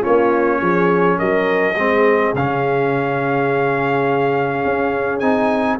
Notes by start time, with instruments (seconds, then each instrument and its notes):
0.00 tuba A#3, trombone C#4, horn F4, trumpet C#5
0.61 tuba F3, horn G#4
1.17 tuba F#3, horn A#4, trumpet D#5
1.75 tuba G#3, trombone C4, horn G#4
2.34 tuba C#3, trombone C#4, trumpet F5
4.65 tuba C#4
5.19 tuba C4, trombone D#4, trumpet G#5